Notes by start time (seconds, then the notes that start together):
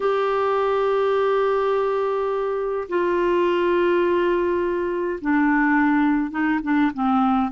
0.00 G4
2.88 F4
5.21 D4
6.30 D#4
6.62 D4
6.93 C4